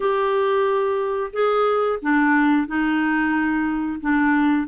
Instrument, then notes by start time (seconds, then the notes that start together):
clarinet
0.00 G4
1.32 G#4
2.02 D4
2.67 D#4
4.00 D4